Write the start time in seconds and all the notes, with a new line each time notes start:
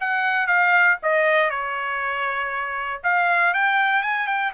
0.00 F#5
0.47 F5
1.03 D#5
1.50 C#5
3.03 F5
3.54 G5
4.03 G#5
4.27 G5